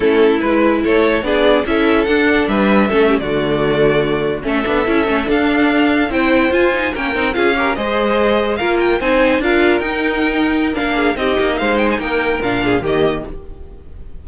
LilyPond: <<
  \new Staff \with { instrumentName = "violin" } { \time 4/4 \tempo 4 = 145 a'4 b'4 cis''4 d''4 | e''4 fis''4 e''4.~ e''16 d''16~ | d''2~ d''8. e''4~ e''16~ | e''8. f''2 g''4 gis''16~ |
gis''8. g''4 f''4 dis''4~ dis''16~ | dis''8. f''8 g''8 gis''4 f''4 g''16~ | g''2 f''4 dis''4 | f''8 g''16 gis''16 g''4 f''4 dis''4 | }
  \new Staff \with { instrumentName = "violin" } { \time 4/4 e'2 a'4 gis'4 | a'2 b'4 a'8 g'16 fis'16~ | fis'2~ fis'8. a'4~ a'16~ | a'2~ a'8. c''4~ c''16~ |
c''8. ais'4 gis'8 ais'8 c''4~ c''16~ | c''8. ais'4 c''4 ais'4~ ais'16~ | ais'2~ ais'8 gis'8 g'4 | c''4 ais'4. gis'8 g'4 | }
  \new Staff \with { instrumentName = "viola" } { \time 4/4 cis'4 e'2 d'4 | e'4 d'2 cis'8. a16~ | a2~ a8. cis'8 d'8 e'16~ | e'16 cis'8 d'2 e'4 f'16~ |
f'16 dis'8 cis'8 dis'8 f'8 g'8 gis'4~ gis'16~ | gis'8. f'4 dis'4 f'4 dis'16~ | dis'2 d'4 dis'4~ | dis'2 d'4 ais4 | }
  \new Staff \with { instrumentName = "cello" } { \time 4/4 a4 gis4 a4 b4 | cis'4 d'4 g4 a8. d16~ | d2~ d8. a8 b8 cis'16~ | cis'16 a8 d'2 c'4 f'16~ |
f'8. ais8 c'8 cis'4 gis4~ gis16~ | gis8. ais4 c'4 d'4 dis'16~ | dis'2 ais4 c'8 ais8 | gis4 ais4 ais,4 dis4 | }
>>